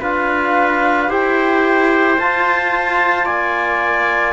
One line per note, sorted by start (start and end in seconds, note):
0.00 1.08 D4
0.00 1.08 F4
0.00 1.09 B4
0.00 1.10 F5
1.08 2.17 E4
1.08 2.17 G4
1.08 3.25 C5
1.08 2.18 G5
2.17 3.26 F4
2.17 4.32 F4
2.17 3.26 A5
3.25 4.32 A#3
3.25 4.32 D5
3.25 4.32 G#5